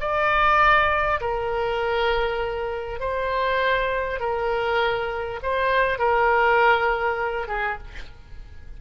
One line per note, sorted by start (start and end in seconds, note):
0.00 1.20 D5
1.20 3.00 A#4
3.00 4.19 C5
4.19 5.39 A#4
5.42 5.99 C5
5.99 7.48 A#4
7.48 7.78 G#4